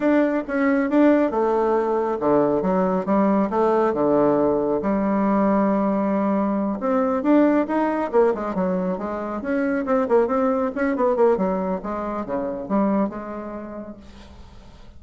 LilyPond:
\new Staff \with { instrumentName = "bassoon" } { \time 4/4 \tempo 4 = 137 d'4 cis'4 d'4 a4~ | a4 d4 fis4 g4 | a4 d2 g4~ | g2.~ g8 c'8~ |
c'8 d'4 dis'4 ais8 gis8 fis8~ | fis8 gis4 cis'4 c'8 ais8 c'8~ | c'8 cis'8 b8 ais8 fis4 gis4 | cis4 g4 gis2 | }